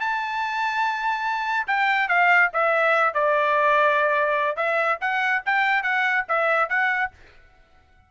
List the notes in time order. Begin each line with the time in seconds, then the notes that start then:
0.00 A5
1.67 G5
2.09 F5
2.53 E5
3.14 D5
4.56 E5
5.01 F#5
5.46 G5
5.83 F#5
6.28 E5
6.69 F#5